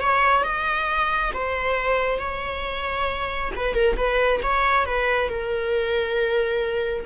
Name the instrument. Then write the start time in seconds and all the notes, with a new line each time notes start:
viola
0.00 C#5
0.43 D#5
1.33 C5
2.18 C#5
3.55 B4
3.73 A#4
3.97 B4
4.42 C#5
4.85 B4
5.28 A#4